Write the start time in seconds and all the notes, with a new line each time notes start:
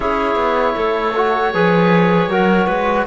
0.00 C#4 E4 G#4 C#5
0.35 B3
0.75 A3 A4
1.15 F#4
1.53 F3 G#4 B4
2.27 F#3 F#4 A#4
2.67 G#3 B4